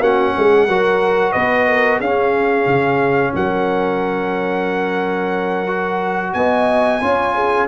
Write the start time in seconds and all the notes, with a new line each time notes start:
0.00 A#3 C#4 F#4 F#5
0.37 G#3 G#4
0.68 F#3 F#4 A#4
1.32 B3 B4 D#5
1.68 A#4
1.99 C#4 G#4 F5
2.66 C#3
3.35 F#3 A#4 F#5
5.67 F#4
6.34 B3 D#5 G#5
7.02 C#4 F4 C#5
7.35 G#4